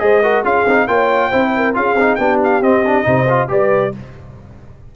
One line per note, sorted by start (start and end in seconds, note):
0.00 0.44 G#3
0.00 0.22 G#4
0.00 0.23 C5
0.00 0.43 D#5
0.23 0.45 F#4
0.23 0.44 A#4
0.44 0.66 C#4
0.44 0.66 F4
0.44 0.87 G#4
0.44 0.88 F5
0.67 0.88 C4
0.67 0.88 D#4
0.88 1.31 A#3
0.88 1.32 F4
0.88 1.29 C#5
0.88 1.75 G5
1.29 1.77 C4
1.29 1.74 E4
1.29 1.51 C5
1.56 1.78 A#4
1.74 1.95 C#4
1.74 1.96 F4
1.74 2.19 G#4
1.74 2.16 F5
1.95 2.17 C4
1.95 2.19 D#4
2.16 2.62 B3
2.16 2.63 D4
2.16 3.06 G4
2.16 2.38 G5
2.44 2.63 F5
2.62 3.06 C4
2.62 2.85 C4
2.62 3.50 D#5
2.86 3.04 D4
3.04 3.50 C3
3.04 3.26 D#4
3.04 3.50 C5
3.29 3.49 F4
3.49 3.94 G3
3.49 3.92 G4
3.49 3.94 B4
3.49 3.96 D5